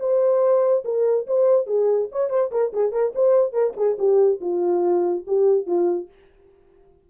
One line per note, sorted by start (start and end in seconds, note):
0.00 0.84 C5
0.85 1.27 A#4
1.27 1.66 C5
1.66 2.08 G#4
2.12 2.30 C#5
2.30 2.51 C5
2.51 2.72 A#4
2.73 2.92 G#4
2.92 3.13 A#4
3.15 3.53 C5
3.53 3.74 A#4
3.76 3.97 G#4
3.99 4.41 G4
4.41 5.25 F4
5.27 5.67 G4
5.67 6.09 F4